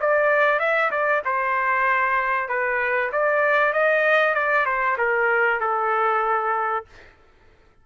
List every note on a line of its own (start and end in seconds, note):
0.00 0.59 D5
0.59 0.90 E5
0.91 1.22 D5
1.25 2.49 C5
2.49 3.11 B4
3.12 3.73 D5
3.73 4.35 D#5
4.35 4.66 D5
4.66 4.97 C5
4.98 5.60 A#4
5.60 6.85 A4